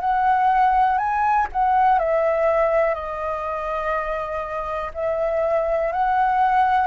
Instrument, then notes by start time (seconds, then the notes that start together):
flute
0.00 F#5
0.97 G#5
1.52 F#5
1.99 E5
2.94 D#5
4.94 E5
5.92 F#5